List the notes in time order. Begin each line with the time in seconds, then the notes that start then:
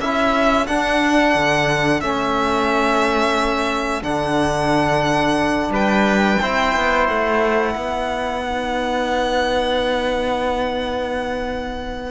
0.00 C#4 E4 A4 E5
0.67 D4 F#5
1.35 D3
2.01 A3 C#4 E5
4.03 D3 D4 F#5
5.70 G3 B4 G5
6.41 C4 E4 C5
6.76 B3
7.07 A3 F#5
7.74 B3 B4
8.43 D#4